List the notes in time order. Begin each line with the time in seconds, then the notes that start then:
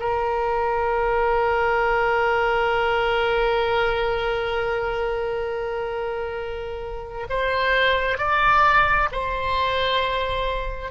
0.00 A#4
7.30 C5
8.18 D5
9.12 C5